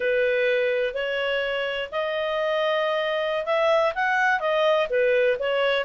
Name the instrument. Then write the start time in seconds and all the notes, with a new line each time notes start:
clarinet
0.00 B4
0.94 C#5
1.91 D#5
3.45 E5
3.94 F#5
4.40 D#5
4.89 B4
5.39 C#5